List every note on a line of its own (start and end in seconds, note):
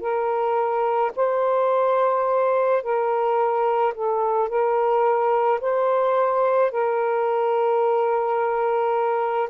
0.00 1.11 A#4
1.16 2.82 C5
2.82 3.93 A#4
3.94 4.48 A4
4.48 5.60 A#4
5.61 6.71 C5
6.71 9.49 A#4